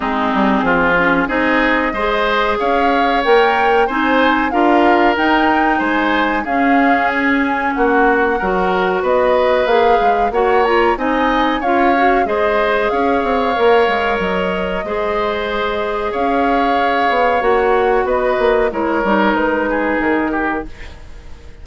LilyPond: <<
  \new Staff \with { instrumentName = "flute" } { \time 4/4 \tempo 4 = 93 gis'2 dis''2 | f''4 g''4 gis''4 f''4 | g''4 gis''4 f''4 gis''4 | fis''2 dis''4 f''4 |
fis''8 ais''8 gis''4 f''4 dis''4 | f''2 dis''2~ | dis''4 f''2 fis''4 | dis''4 cis''4 b'4 ais'4 | }
  \new Staff \with { instrumentName = "oboe" } { \time 4/4 dis'4 f'4 gis'4 c''4 | cis''2 c''4 ais'4~ | ais'4 c''4 gis'2 | fis'4 ais'4 b'2 |
cis''4 dis''4 cis''4 c''4 | cis''2. c''4~ | c''4 cis''2. | b'4 ais'4. gis'4 g'8 | }
  \new Staff \with { instrumentName = "clarinet" } { \time 4/4 c'4. cis'8 dis'4 gis'4~ | gis'4 ais'4 dis'4 f'4 | dis'2 cis'2~ | cis'4 fis'2 gis'4 |
fis'8 f'8 dis'4 f'8 fis'8 gis'4~ | gis'4 ais'2 gis'4~ | gis'2. fis'4~ | fis'4 e'8 dis'2~ dis'8 | }
  \new Staff \with { instrumentName = "bassoon" } { \time 4/4 gis8 g8 f4 c'4 gis4 | cis'4 ais4 c'4 d'4 | dis'4 gis4 cis'2 | ais4 fis4 b4 ais8 gis8 |
ais4 c'4 cis'4 gis4 | cis'8 c'8 ais8 gis8 fis4 gis4~ | gis4 cis'4. b8 ais4 | b8 ais8 gis8 g8 gis4 dis4 | }
>>